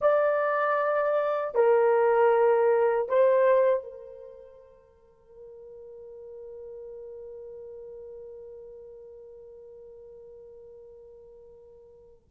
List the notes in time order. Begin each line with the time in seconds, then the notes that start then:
0.01 D5
1.55 A#4
3.08 C5
3.83 A#4